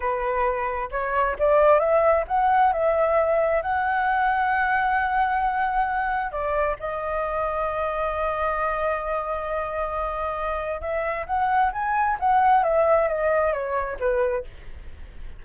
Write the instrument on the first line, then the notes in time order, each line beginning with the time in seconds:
flute
0.00 B4
0.91 C#5
1.38 D5
1.79 E5
2.27 F#5
2.73 E5
3.62 F#5
6.31 D5
6.79 D#5
10.80 E5
11.26 F#5
11.72 G#5
12.19 F#5
12.63 E5
13.08 D#5
13.52 C#5
13.99 B4